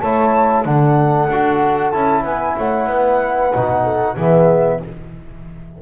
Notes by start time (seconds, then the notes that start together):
0.00 A3 E4 C#5 A5
0.65 D3 D4 A4 F#5
1.29 D4 F#4
1.91 C#4 E4 A5
2.24 B3 B4 G#5
2.58 A3 C#5 F#5
2.87 B3 B4
3.53 B2 D#4
3.84 A4
4.16 E3 B3 G#4 E5